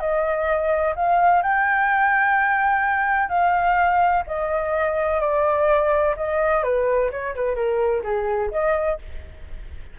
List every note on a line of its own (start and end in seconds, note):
0.00 0.94 D#5
0.96 1.43 F5
1.43 3.29 G5
3.29 4.23 F5
4.27 5.21 D#5
5.21 6.15 D5
6.17 6.63 D#5
6.63 7.11 B4
7.11 7.35 C#5
7.35 7.55 B4
7.55 8.03 A#4
8.03 8.50 G#4
8.51 8.99 D#5